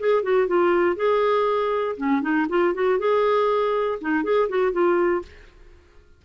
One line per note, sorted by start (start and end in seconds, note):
0.00 0.23 G#4
0.23 0.48 F#4
0.48 0.96 F4
0.96 1.96 G#4
1.97 2.22 C#4
2.22 2.47 D#4
2.49 2.74 F4
2.75 2.99 F#4
2.99 3.99 G#4
4.01 4.24 D#4
4.24 4.49 G#4
4.49 4.72 F#4
4.72 5.22 F4